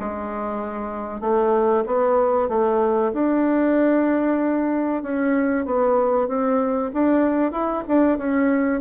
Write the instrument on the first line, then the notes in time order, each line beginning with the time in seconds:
bassoon
0.00 G#3
1.21 A3
1.87 B3
2.49 A3
3.14 D4
5.03 C#4
5.66 B3
6.28 C4
6.94 D4
7.52 E4
7.88 D4
8.18 C#4